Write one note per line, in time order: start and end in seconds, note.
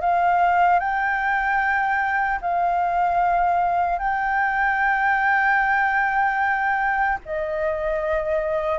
0.00 0.79 F5
0.79 2.39 G5
2.41 3.98 F5
3.98 7.18 G5
7.25 8.79 D#5